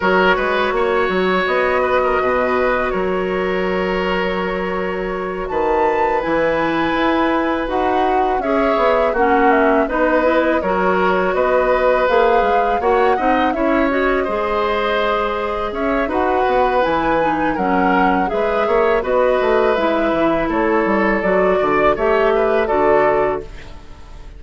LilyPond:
<<
  \new Staff \with { instrumentName = "flute" } { \time 4/4 \tempo 4 = 82 cis''2 dis''2 | cis''2.~ cis''8 a''8~ | a''8 gis''2 fis''4 e''8~ | e''8 fis''8 e''8 dis''4 cis''4 dis''8~ |
dis''8 f''4 fis''4 e''8 dis''4~ | dis''4. e''8 fis''4 gis''4 | fis''4 e''4 dis''4 e''4 | cis''4 d''4 e''4 d''4 | }
  \new Staff \with { instrumentName = "oboe" } { \time 4/4 ais'8 b'8 cis''4. b'16 ais'16 b'4 | ais'2.~ ais'8 b'8~ | b'2.~ b'8 cis''8~ | cis''8 fis'4 b'4 ais'4 b'8~ |
b'4. cis''8 dis''8 cis''4 c''8~ | c''4. cis''8 b'2 | ais'4 b'8 cis''8 b'2 | a'4. d''8 cis''8 b'8 a'4 | }
  \new Staff \with { instrumentName = "clarinet" } { \time 4/4 fis'1~ | fis'1~ | fis'8 e'2 fis'4 gis'8~ | gis'8 cis'4 dis'8 e'8 fis'4.~ |
fis'8 gis'4 fis'8 dis'8 e'8 fis'8 gis'8~ | gis'2 fis'4 e'8 dis'8 | cis'4 gis'4 fis'4 e'4~ | e'4 fis'4 g'4 fis'4 | }
  \new Staff \with { instrumentName = "bassoon" } { \time 4/4 fis8 gis8 ais8 fis8 b4 b,4 | fis2.~ fis8 dis8~ | dis8 e4 e'4 dis'4 cis'8 | b8 ais4 b4 fis4 b8~ |
b8 ais8 gis8 ais8 c'8 cis'4 gis8~ | gis4. cis'8 dis'8 b8 e4 | fis4 gis8 ais8 b8 a8 gis8 e8 | a8 g8 fis8 d8 a4 d4 | }
>>